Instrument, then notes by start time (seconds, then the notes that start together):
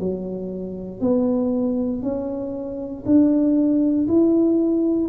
tuba
0.00 F#3
1.01 B3
2.02 C#4
3.06 D4
4.08 E4